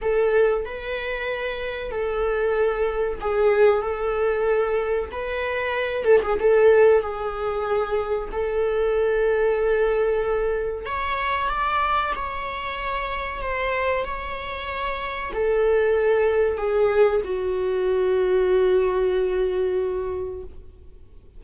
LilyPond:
\new Staff \with { instrumentName = "viola" } { \time 4/4 \tempo 4 = 94 a'4 b'2 a'4~ | a'4 gis'4 a'2 | b'4. a'16 gis'16 a'4 gis'4~ | gis'4 a'2.~ |
a'4 cis''4 d''4 cis''4~ | cis''4 c''4 cis''2 | a'2 gis'4 fis'4~ | fis'1 | }